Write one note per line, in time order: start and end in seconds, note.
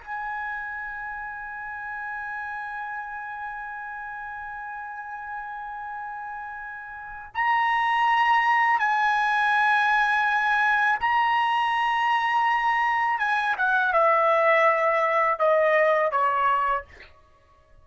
0.00 7.32 G#5
7.34 8.79 A#5
8.79 10.99 G#5
11.00 13.19 A#5
13.19 13.55 G#5
13.57 13.93 F#5
13.93 15.39 E5
15.39 16.11 D#5
16.11 16.85 C#5